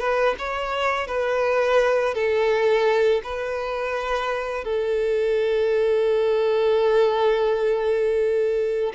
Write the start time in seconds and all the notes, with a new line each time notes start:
0.00 B4
0.39 C#5
1.07 B4
2.15 A4
3.24 B4
4.65 A4